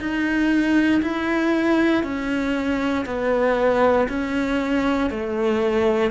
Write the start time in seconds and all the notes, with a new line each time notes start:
0.00 D#4
1.03 E4
2.04 C#4
3.06 B3
4.09 C#4
5.10 A3